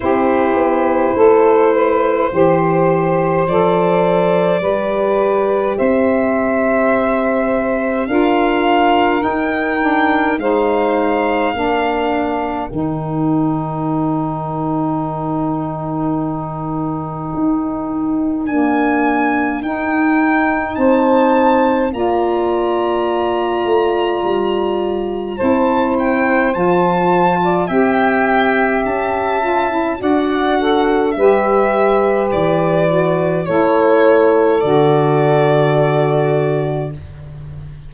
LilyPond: <<
  \new Staff \with { instrumentName = "violin" } { \time 4/4 \tempo 4 = 52 c''2. d''4~ | d''4 e''2 f''4 | g''4 f''2 g''4~ | g''1 |
gis''4 g''4 a''4 ais''4~ | ais''2 a''8 g''8 a''4 | g''4 a''4 fis''4 e''4 | d''4 cis''4 d''2 | }
  \new Staff \with { instrumentName = "saxophone" } { \time 4/4 g'4 a'8 b'8 c''2 | b'4 c''2 ais'4~ | ais'4 c''4 ais'2~ | ais'1~ |
ais'2 c''4 d''4~ | d''2 c''4.~ c''16 d''16 | e''2 d''8 a'8 b'4~ | b'4 a'2. | }
  \new Staff \with { instrumentName = "saxophone" } { \time 4/4 e'2 g'4 a'4 | g'2. f'4 | dis'8 d'8 dis'4 d'4 dis'4~ | dis'1 |
ais4 dis'2 f'4~ | f'2 e'4 f'4 | g'4. f'16 e'16 fis'4 g'4~ | g'8 fis'8 e'4 fis'2 | }
  \new Staff \with { instrumentName = "tuba" } { \time 4/4 c'8 b8 a4 e4 f4 | g4 c'2 d'4 | dis'4 gis4 ais4 dis4~ | dis2. dis'4 |
d'4 dis'4 c'4 ais4~ | ais8 a8 g4 c'4 f4 | c'4 cis'4 d'4 g4 | e4 a4 d2 | }
>>